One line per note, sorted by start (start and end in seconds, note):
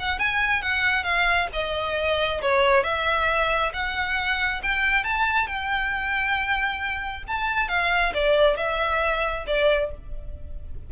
0.00 0.19 F#5
0.19 0.63 G#5
0.63 1.04 F#5
1.04 1.48 F5
1.53 2.42 D#5
2.42 2.84 C#5
2.84 3.72 E5
3.74 4.62 F#5
4.63 5.05 G5
5.05 5.48 A5
5.48 7.24 G5
7.28 7.69 A5
7.69 8.13 F5
8.15 8.57 D5
8.57 9.46 E5
9.47 9.91 D5